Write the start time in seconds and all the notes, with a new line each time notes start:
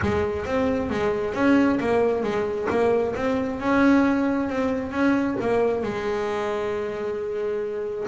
0.02 G#3
0.45 C4
0.90 G#3
1.34 C#4
1.80 A#3
2.23 G#3
2.69 A#3
3.15 C4
3.59 C#4
4.49 C4
4.91 C#4
5.40 A#3
5.82 G#3